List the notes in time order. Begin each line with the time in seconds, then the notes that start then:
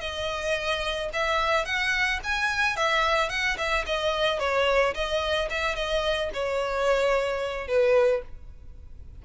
0.00 D#5
1.13 E5
1.65 F#5
2.23 G#5
2.76 E5
3.29 F#5
3.57 E5
3.86 D#5
4.39 C#5
4.94 D#5
5.49 E5
5.75 D#5
6.33 C#5
7.67 B4